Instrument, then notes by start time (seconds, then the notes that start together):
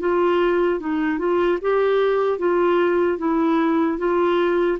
clarinet
0.00 F4
0.80 D#4
1.19 F4
1.62 G4
2.39 F4
3.18 E4
3.99 F4